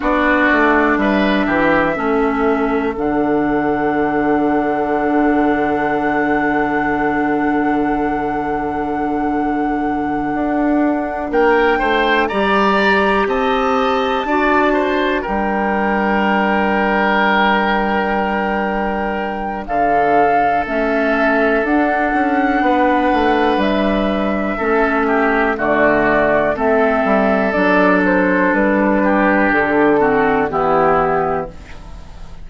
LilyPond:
<<
  \new Staff \with { instrumentName = "flute" } { \time 4/4 \tempo 4 = 61 d''4 e''2 fis''4~ | fis''1~ | fis''2.~ fis''8 g''8~ | g''8 ais''4 a''2 g''8~ |
g''1 | f''4 e''4 fis''2 | e''2 d''4 e''4 | d''8 c''8 b'4 a'4 g'4 | }
  \new Staff \with { instrumentName = "oboe" } { \time 4/4 fis'4 b'8 g'8 a'2~ | a'1~ | a'2.~ a'8 ais'8 | c''8 d''4 dis''4 d''8 c''8 ais'8~ |
ais'1 | a'2. b'4~ | b'4 a'8 g'8 fis'4 a'4~ | a'4. g'4 fis'8 e'4 | }
  \new Staff \with { instrumentName = "clarinet" } { \time 4/4 d'2 cis'4 d'4~ | d'1~ | d'1~ | d'8 g'2 fis'4 d'8~ |
d'1~ | d'4 cis'4 d'2~ | d'4 cis'4 a4 c'4 | d'2~ d'8 c'8 b4 | }
  \new Staff \with { instrumentName = "bassoon" } { \time 4/4 b8 a8 g8 e8 a4 d4~ | d1~ | d2~ d8 d'4 ais8 | a8 g4 c'4 d'4 g8~ |
g1 | d4 a4 d'8 cis'8 b8 a8 | g4 a4 d4 a8 g8 | fis4 g4 d4 e4 | }
>>